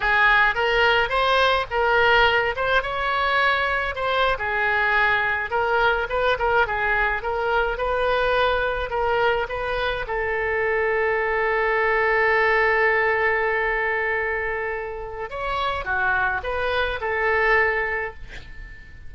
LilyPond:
\new Staff \with { instrumentName = "oboe" } { \time 4/4 \tempo 4 = 106 gis'4 ais'4 c''4 ais'4~ | ais'8 c''8 cis''2 c''8. gis'16~ | gis'4.~ gis'16 ais'4 b'8 ais'8 gis'16~ | gis'8. ais'4 b'2 ais'16~ |
ais'8. b'4 a'2~ a'16~ | a'1~ | a'2. cis''4 | fis'4 b'4 a'2 | }